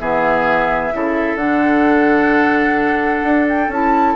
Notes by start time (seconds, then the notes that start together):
0.00 E3 B3 G#4 E5
0.92 C#3 E4 A4
1.36 D3 D4 F#5
3.24 D4
3.49 G5
3.69 C#4 E4 A5